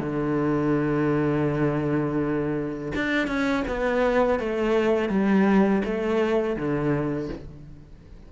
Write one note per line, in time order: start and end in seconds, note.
0.00 2.93 D3
2.95 3.28 D4
3.28 3.64 C#4
3.68 4.39 B3
4.39 5.09 A3
5.09 5.82 G3
5.85 6.56 A3
6.56 7.29 D3